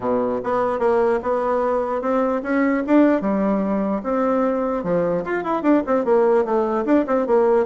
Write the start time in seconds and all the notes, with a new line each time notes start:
0.00 B2
0.43 B3
0.79 A#3
1.22 B3
2.01 C4
2.43 C#4
2.86 D4
3.21 G3
4.03 C4
4.83 F3
5.24 F4
5.43 E4
5.62 D4
5.86 C4
6.04 A#3
6.44 A3
6.85 D4
7.06 C4
7.26 A#3